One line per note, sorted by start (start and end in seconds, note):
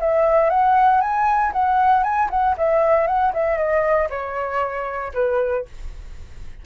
0.00 0.50 E5
0.50 1.01 F#5
1.01 1.52 G#5
1.53 2.04 F#5
2.04 2.29 G#5
2.31 2.56 F#5
2.58 3.07 E5
3.07 3.33 F#5
3.34 3.58 E5
3.58 4.09 D#5
4.10 5.13 C#5
5.14 5.66 B4